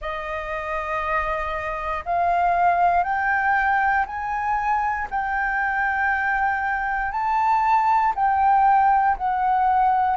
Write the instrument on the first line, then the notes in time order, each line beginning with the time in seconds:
flute
0.00 D#5
2.05 F5
3.03 G5
4.06 G#5
5.10 G5
7.11 A5
8.14 G5
9.17 F#5